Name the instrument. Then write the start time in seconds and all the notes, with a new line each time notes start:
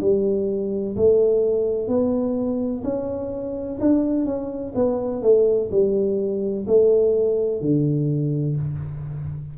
tuba
0.00 G3
0.96 A3
1.87 B3
2.84 C#4
3.80 D4
4.25 C#4
4.75 B3
5.22 A3
5.71 G3
6.67 A3
7.61 D3